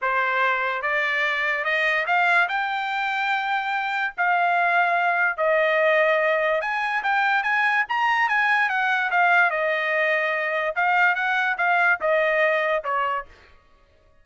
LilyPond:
\new Staff \with { instrumentName = "trumpet" } { \time 4/4 \tempo 4 = 145 c''2 d''2 | dis''4 f''4 g''2~ | g''2 f''2~ | f''4 dis''2. |
gis''4 g''4 gis''4 ais''4 | gis''4 fis''4 f''4 dis''4~ | dis''2 f''4 fis''4 | f''4 dis''2 cis''4 | }